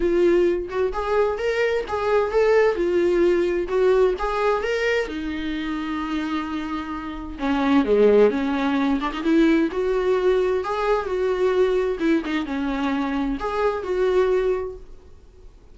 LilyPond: \new Staff \with { instrumentName = "viola" } { \time 4/4 \tempo 4 = 130 f'4. fis'8 gis'4 ais'4 | gis'4 a'4 f'2 | fis'4 gis'4 ais'4 dis'4~ | dis'1 |
cis'4 gis4 cis'4. d'16 dis'16 | e'4 fis'2 gis'4 | fis'2 e'8 dis'8 cis'4~ | cis'4 gis'4 fis'2 | }